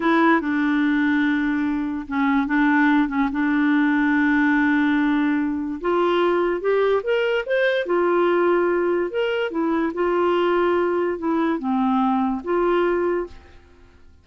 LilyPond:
\new Staff \with { instrumentName = "clarinet" } { \time 4/4 \tempo 4 = 145 e'4 d'2.~ | d'4 cis'4 d'4. cis'8 | d'1~ | d'2 f'2 |
g'4 ais'4 c''4 f'4~ | f'2 ais'4 e'4 | f'2. e'4 | c'2 f'2 | }